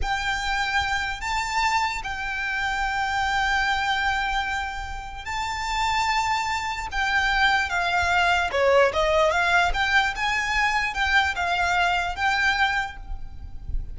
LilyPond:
\new Staff \with { instrumentName = "violin" } { \time 4/4 \tempo 4 = 148 g''2. a''4~ | a''4 g''2.~ | g''1~ | g''4 a''2.~ |
a''4 g''2 f''4~ | f''4 cis''4 dis''4 f''4 | g''4 gis''2 g''4 | f''2 g''2 | }